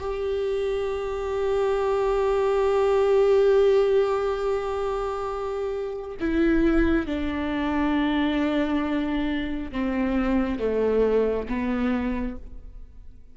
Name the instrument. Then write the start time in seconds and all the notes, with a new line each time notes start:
viola
0.00 G4
6.20 E4
7.07 D4
9.72 C4
10.60 A3
11.48 B3